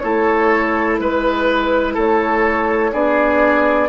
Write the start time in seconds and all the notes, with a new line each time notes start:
0.00 A3 E4 A4 C#5
0.99 G#3 B4
1.94 A3 A4 C#5
2.93 B3 D4 G#4 D5